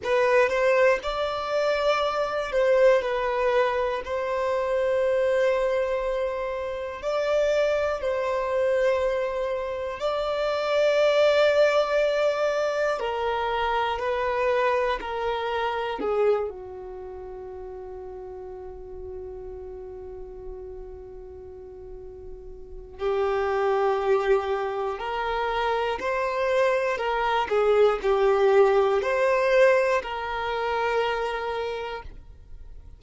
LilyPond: \new Staff \with { instrumentName = "violin" } { \time 4/4 \tempo 4 = 60 b'8 c''8 d''4. c''8 b'4 | c''2. d''4 | c''2 d''2~ | d''4 ais'4 b'4 ais'4 |
gis'8 fis'2.~ fis'8~ | fis'2. g'4~ | g'4 ais'4 c''4 ais'8 gis'8 | g'4 c''4 ais'2 | }